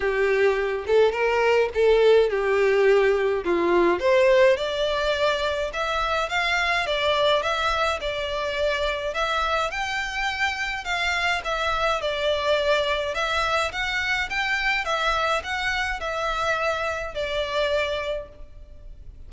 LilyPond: \new Staff \with { instrumentName = "violin" } { \time 4/4 \tempo 4 = 105 g'4. a'8 ais'4 a'4 | g'2 f'4 c''4 | d''2 e''4 f''4 | d''4 e''4 d''2 |
e''4 g''2 f''4 | e''4 d''2 e''4 | fis''4 g''4 e''4 fis''4 | e''2 d''2 | }